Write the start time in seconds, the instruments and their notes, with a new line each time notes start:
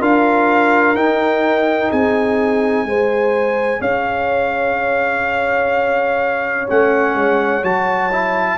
0.00 tuba D4, trombone F4, horn A#4, trumpet F5
0.95 tuba D#4, trombone D#4, trumpet G5
1.89 tuba C4, horn G#4, trumpet G#5
2.84 tuba G#3, trombone G#4, horn C5
3.80 tuba C#4, horn C#5, trumpet F5
6.67 tuba A3, trombone C#4, trumpet F#5
7.15 tuba G#3
7.62 tuba F#3, trombone F#4, trumpet A5
8.12 trombone E4